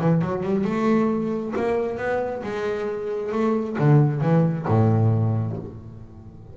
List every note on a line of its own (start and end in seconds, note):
0.00 0.22 E3
0.22 0.43 F#3
0.43 0.65 G3
0.65 1.54 A3
1.56 1.98 A#3
1.98 2.43 B3
2.43 3.32 G#3
3.32 3.77 A3
3.79 4.22 D3
4.22 4.66 E3
4.68 5.57 A2